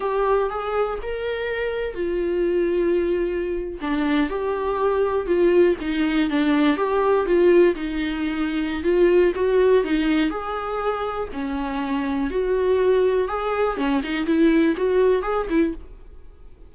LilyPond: \new Staff \with { instrumentName = "viola" } { \time 4/4 \tempo 4 = 122 g'4 gis'4 ais'2 | f'2.~ f'8. d'16~ | d'8. g'2 f'4 dis'16~ | dis'8. d'4 g'4 f'4 dis'16~ |
dis'2 f'4 fis'4 | dis'4 gis'2 cis'4~ | cis'4 fis'2 gis'4 | cis'8 dis'8 e'4 fis'4 gis'8 e'8 | }